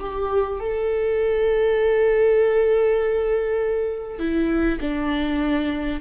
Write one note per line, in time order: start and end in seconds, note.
0.00 0.60 G4
0.60 4.19 A4
4.19 4.79 E4
4.81 6.01 D4